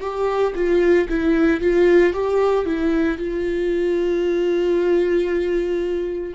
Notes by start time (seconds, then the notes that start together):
0.00 G4
0.55 F4
1.08 E4
1.60 F4
2.13 G4
2.65 E4
3.18 F4